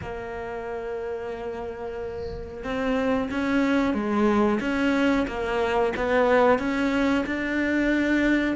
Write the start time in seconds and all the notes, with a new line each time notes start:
0.01 A#3
2.63 C4
3.31 C#4
3.94 G#3
4.60 C#4
5.27 A#3
5.96 B3
6.58 C#4
7.26 D4